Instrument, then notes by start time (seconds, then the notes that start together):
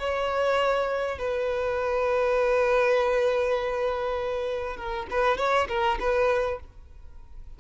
violin
0.00 C#5
1.19 B4
4.77 A#4
5.11 B4
5.38 C#5
5.69 A#4
6.00 B4